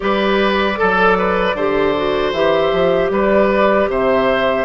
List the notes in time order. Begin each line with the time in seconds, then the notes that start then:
0.00 G3 G4 B4 D5
0.75 F#3 A4
1.18 B4
1.54 D3 G4 C5
1.95 F#4
2.32 E3 G4 E5
2.72 F3
3.10 G3 B4 D5
3.88 C3 C5 E5